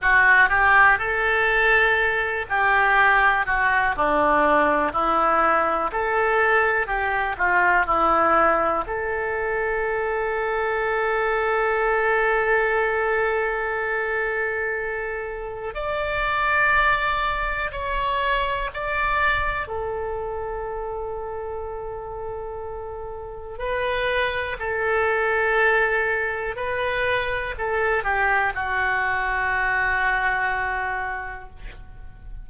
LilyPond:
\new Staff \with { instrumentName = "oboe" } { \time 4/4 \tempo 4 = 61 fis'8 g'8 a'4. g'4 fis'8 | d'4 e'4 a'4 g'8 f'8 | e'4 a'2.~ | a'1 |
d''2 cis''4 d''4 | a'1 | b'4 a'2 b'4 | a'8 g'8 fis'2. | }